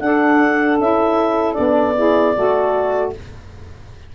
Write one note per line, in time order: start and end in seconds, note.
0.00 0.78 D4
0.00 0.79 D4
0.00 1.96 A4
0.00 0.78 F#5
0.79 1.57 C#4
0.79 1.55 E4
0.79 1.54 E5
1.54 2.37 B3
1.54 1.94 D4
1.54 3.10 D5
1.96 2.35 E4
1.96 2.35 G#4
2.35 3.15 A3
2.35 3.14 F#4
2.35 3.13 A4